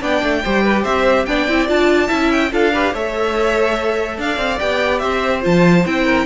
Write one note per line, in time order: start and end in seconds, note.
0.00 0.22 B3
0.00 0.43 D4
0.00 0.42 D5
0.00 0.84 G5
0.23 0.43 A3
0.44 0.85 G3
0.44 1.27 G4
0.44 0.63 C5
0.63 0.83 B4
0.83 1.26 C4
0.83 1.24 C5
0.83 1.26 E5
1.26 1.48 B3
1.26 1.48 D4
1.26 2.07 D5
1.26 1.67 G5
1.48 1.68 C4
1.48 1.67 E4
1.67 2.10 D4
1.67 2.08 F4
1.67 2.31 A5
2.07 2.52 C#4
2.07 2.50 E4
2.07 2.49 E5
2.31 2.52 G5
2.52 2.94 D4
2.52 2.73 F4
2.52 2.73 A4
2.52 2.95 F5
2.73 2.94 G4
2.73 2.93 B4
2.93 4.18 A3
2.93 4.59 A4
2.93 4.18 C#5
2.93 4.20 E5
4.18 4.37 D4
4.18 5.02 D5
4.18 4.59 F5
4.37 4.58 C4
4.59 5.02 B3
4.59 5.41 G4
4.59 4.99 G5
4.99 5.44 C4
4.99 6.05 C5
4.99 5.40 E5
5.41 5.86 F3
5.41 5.83 F4
5.41 5.86 A5
5.85 6.26 C4
5.85 6.26 E4
5.85 6.26 G5
6.05 6.25 A#4